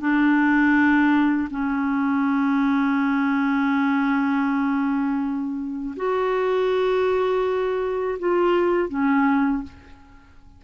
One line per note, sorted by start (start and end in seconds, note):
0.00 1.48 D4
1.51 5.95 C#4
5.96 8.19 F#4
8.19 8.89 F4
8.89 9.63 C#4